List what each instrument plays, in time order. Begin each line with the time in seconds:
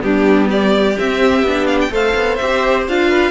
0.00 cello G3, viola B3, violin D4 G4
0.49 violin G4 D5
0.98 viola C4, cello C4, violin E5
1.42 cello B3, viola D4
1.67 violin F5
1.81 violin G5
1.90 cello A3, viola A4, violin C5 F5
2.15 cello B3
2.36 cello C4, viola G4, violin E5
2.88 cello D4, viola F4, violin F5
3.09 violin B4